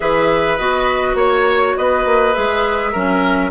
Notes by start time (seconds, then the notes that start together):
0.00 E3 G#4 B4 E5
0.57 B3 F#4 D#5
1.14 A#3 C#5
1.77 B3 B4 D#5
2.05 A#3
2.33 G#3 G#4 E5
2.91 F#3 C#4 A#4